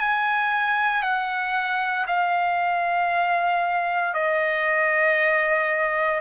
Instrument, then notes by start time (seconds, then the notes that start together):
trumpet
0.00 G#5
1.03 F#5
2.07 F5
4.14 D#5